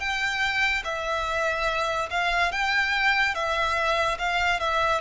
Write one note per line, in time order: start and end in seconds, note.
0.00 0.83 G5
0.84 2.09 E5
2.10 2.52 F5
2.52 3.35 G5
3.35 4.18 E5
4.19 4.60 F5
4.60 5.01 E5